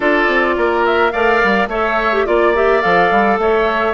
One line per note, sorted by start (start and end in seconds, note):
0.00 0.27 D4
0.00 1.12 F4
0.00 0.55 A4
0.00 0.85 D5
0.27 0.55 C4
0.57 1.13 A#3
0.57 1.12 A#4
0.85 1.11 E5
1.11 1.42 A3
1.11 1.69 A#4
1.11 1.69 D5
1.11 1.67 F5
1.43 1.67 G3
1.67 2.24 A3
1.67 2.12 A4
1.67 2.25 C#5
1.67 2.26 E5
2.12 2.26 G4
2.26 2.84 A#3
2.26 2.54 F4
2.26 2.54 D5
2.26 3.40 D5
2.55 2.81 G4
2.55 2.81 E5
2.81 3.11 F3
2.81 3.94 A4
2.81 3.37 F5
3.11 3.38 G3
3.38 3.94 A3
3.38 3.94 C#5
3.38 3.94 E5